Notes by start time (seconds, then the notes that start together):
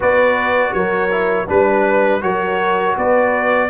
0.00 B3 F#4 B4 D5
0.73 F#3 A#4 C#5
1.10 E4
1.47 G3 D4 B4
2.21 F#3 F#4 A#4 C#5
2.97 B3 B4 D5